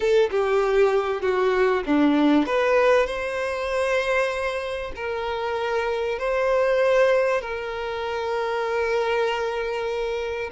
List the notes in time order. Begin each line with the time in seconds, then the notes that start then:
0.00 A4
0.31 G4
1.21 F#4
1.86 D4
2.45 B4
3.06 C5
4.95 A#4
6.19 C5
7.41 A#4